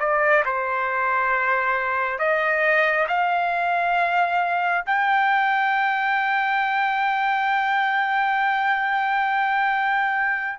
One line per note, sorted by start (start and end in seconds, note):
0.00 0.44 D5
0.45 2.19 C5
2.19 3.07 D#5
3.08 4.85 F5
4.86 10.59 G5